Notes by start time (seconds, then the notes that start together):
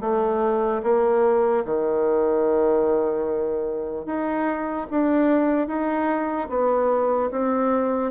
0.00 A3
0.83 A#3
1.64 D#3
4.05 D#4
4.90 D4
5.67 D#4
6.49 B3
7.30 C4